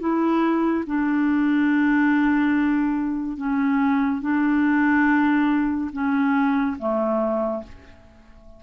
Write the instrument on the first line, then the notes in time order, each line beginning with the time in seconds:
clarinet
0.00 E4
0.87 D4
3.38 C#4
4.22 D4
5.93 C#4
6.79 A3